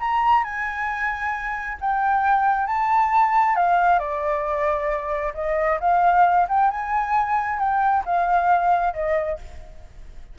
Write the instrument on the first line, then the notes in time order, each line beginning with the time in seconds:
flute
0.00 A#5
0.44 G#5
1.81 G5
2.67 A5
3.56 F5
3.99 D5
5.34 D#5
5.80 F5
6.49 G5
6.71 G#5
7.59 G5
8.06 F5
8.94 D#5